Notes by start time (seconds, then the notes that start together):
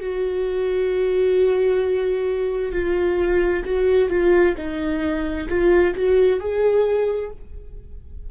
0.00 F#4
2.72 F4
3.64 F#4
4.09 F4
4.57 D#4
5.49 F4
5.95 F#4
6.39 G#4